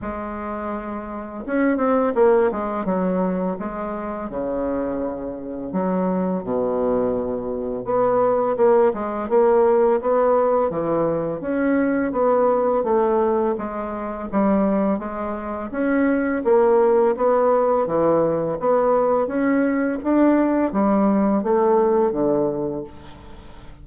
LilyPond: \new Staff \with { instrumentName = "bassoon" } { \time 4/4 \tempo 4 = 84 gis2 cis'8 c'8 ais8 gis8 | fis4 gis4 cis2 | fis4 b,2 b4 | ais8 gis8 ais4 b4 e4 |
cis'4 b4 a4 gis4 | g4 gis4 cis'4 ais4 | b4 e4 b4 cis'4 | d'4 g4 a4 d4 | }